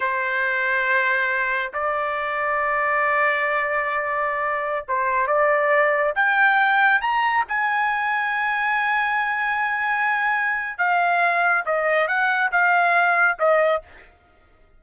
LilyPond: \new Staff \with { instrumentName = "trumpet" } { \time 4/4 \tempo 4 = 139 c''1 | d''1~ | d''2.~ d''16 c''8.~ | c''16 d''2 g''4.~ g''16~ |
g''16 ais''4 gis''2~ gis''8.~ | gis''1~ | gis''4 f''2 dis''4 | fis''4 f''2 dis''4 | }